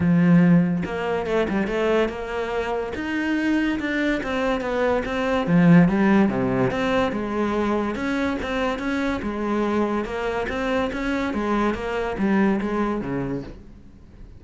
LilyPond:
\new Staff \with { instrumentName = "cello" } { \time 4/4 \tempo 4 = 143 f2 ais4 a8 g8 | a4 ais2 dis'4~ | dis'4 d'4 c'4 b4 | c'4 f4 g4 c4 |
c'4 gis2 cis'4 | c'4 cis'4 gis2 | ais4 c'4 cis'4 gis4 | ais4 g4 gis4 cis4 | }